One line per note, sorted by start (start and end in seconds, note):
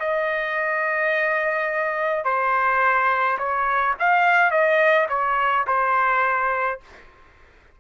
0.00 2.25 D#5
2.25 3.38 C5
3.39 3.95 C#5
4.00 4.51 F5
4.51 5.08 D#5
5.09 5.66 C#5
5.67 6.80 C5